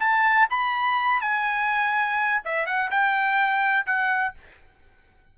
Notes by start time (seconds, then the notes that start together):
0.00 A5
0.50 B5
1.21 G#5
2.45 E5
2.67 F#5
2.91 G5
3.87 F#5